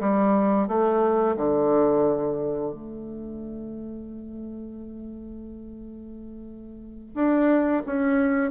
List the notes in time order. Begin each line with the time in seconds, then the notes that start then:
0.00 G3
0.68 A3
1.36 D3
2.73 A3
7.14 D4
7.86 C#4